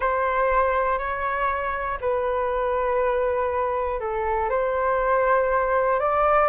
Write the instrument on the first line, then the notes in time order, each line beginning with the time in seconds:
flute
0.00 C5
0.98 C#5
2.00 B4
4.00 A4
4.49 C5
5.99 D5